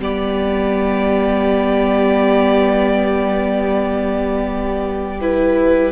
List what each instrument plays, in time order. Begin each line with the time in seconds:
0.00 cello G3, viola B3, violin G4 D5
5.21 viola E4, violin B4